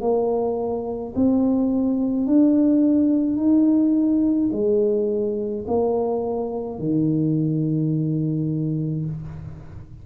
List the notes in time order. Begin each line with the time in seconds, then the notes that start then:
0.00 A#3
1.15 C4
2.26 D4
3.36 D#4
4.52 G#3
5.67 A#3
6.79 D#3